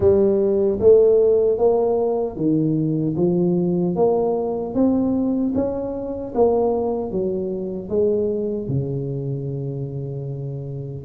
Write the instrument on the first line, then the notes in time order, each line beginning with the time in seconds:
tuba
0.00 G3
0.79 A3
1.58 A#3
2.36 D#3
3.16 F3
3.95 A#3
4.74 C4
5.54 C#4
6.34 A#3
7.11 F#3
7.89 G#3
8.67 C#3